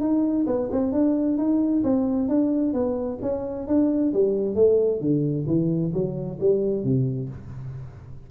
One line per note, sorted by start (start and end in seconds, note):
0.00 0.45 D#4
0.46 0.69 B3
0.71 0.92 C4
0.92 1.37 D4
1.37 1.83 D#4
1.83 2.28 C4
2.28 2.73 D4
2.73 3.18 B3
3.22 3.67 C#4
3.67 4.13 D4
4.13 4.55 G3
4.55 5.00 A3
5.00 5.45 D3
5.46 5.92 E3
5.93 6.38 F#3
6.40 6.83 G3
6.83 7.29 C3